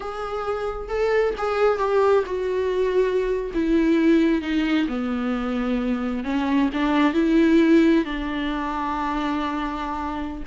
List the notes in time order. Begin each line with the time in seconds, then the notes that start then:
0.00 G#4
0.89 A4
1.37 G#4
1.78 G4
2.26 F#4
3.54 E4
4.41 D#4
4.88 B3
6.24 C#4
6.73 D4
7.13 E4
8.05 D4